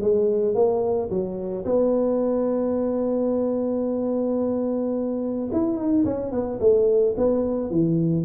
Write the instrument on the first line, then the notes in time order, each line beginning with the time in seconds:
tuba
0.00 G#3
0.54 A#3
1.09 F#3
1.65 B3
5.52 E4
5.76 D#4
6.05 C#4
6.32 B3
6.60 A3
7.17 B3
7.70 E3